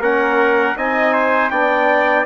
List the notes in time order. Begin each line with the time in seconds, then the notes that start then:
0.00 A#3 C#4 A#4 F#5
0.77 C4 D#4 D#5 G#5
1.13 C5
1.50 B3 D4 D5 G5